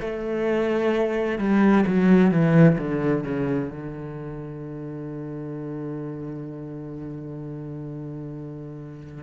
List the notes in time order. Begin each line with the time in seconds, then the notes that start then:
0.00 A3
1.38 G3
1.86 F#3
2.31 E3
2.78 D3
3.23 C#3
3.70 D3